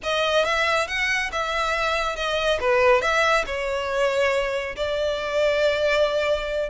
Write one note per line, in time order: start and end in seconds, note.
0.03 0.44 D#5
0.44 0.87 E5
0.87 1.30 F#5
1.32 2.16 E5
2.16 2.59 D#5
2.60 3.01 B4
3.01 3.45 E5
3.46 4.75 C#5
4.76 6.69 D5